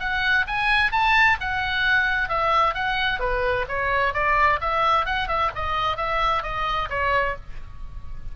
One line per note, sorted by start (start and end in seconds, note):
0.00 0.46 F#5
0.47 0.92 G#5
0.92 1.38 A5
1.41 2.29 F#5
2.29 2.75 E5
2.75 3.20 F#5
3.20 3.66 B4
3.68 4.14 C#5
4.14 4.60 D5
4.61 5.06 E5
5.06 5.28 F#5
5.28 5.51 E5
5.55 5.97 D#5
5.97 6.43 E5
6.43 6.89 D#5
6.90 7.36 C#5